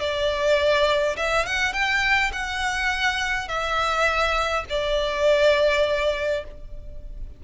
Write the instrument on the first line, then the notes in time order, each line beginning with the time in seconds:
violin
0.00 D5
1.17 E5
1.46 F#5
1.73 G5
2.32 F#5
3.48 E5
4.69 D5